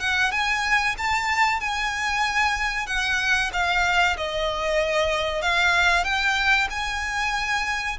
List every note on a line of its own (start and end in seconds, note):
0.00 0.32 F#5
0.32 0.96 G#5
0.98 1.60 A5
1.60 2.87 G#5
2.87 3.51 F#5
3.53 4.17 F5
4.17 5.42 D#5
5.42 6.04 F5
6.04 6.68 G5
6.71 7.98 G#5